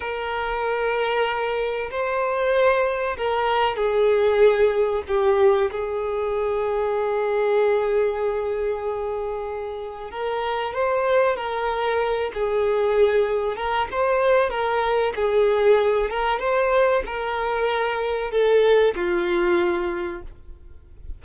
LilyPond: \new Staff \with { instrumentName = "violin" } { \time 4/4 \tempo 4 = 95 ais'2. c''4~ | c''4 ais'4 gis'2 | g'4 gis'2.~ | gis'1 |
ais'4 c''4 ais'4. gis'8~ | gis'4. ais'8 c''4 ais'4 | gis'4. ais'8 c''4 ais'4~ | ais'4 a'4 f'2 | }